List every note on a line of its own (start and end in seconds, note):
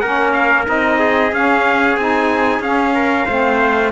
0.00 0.68 A#3
0.00 0.66 C#4
0.00 0.99 A#4
0.00 0.33 F#5
0.34 0.66 F5
0.66 1.32 C4
0.66 1.31 D#4
0.66 1.34 D#5
0.99 2.95 G#4
1.32 1.97 C#4
1.32 2.00 C#4
1.32 1.97 F5
1.97 2.60 C4
1.97 2.63 D#4
1.97 2.62 G#5
2.60 3.26 C#4
2.60 3.28 C#4
2.60 3.93 F5
2.95 3.26 A#4
3.26 3.93 A3
3.26 3.93 C4
3.26 3.91 C5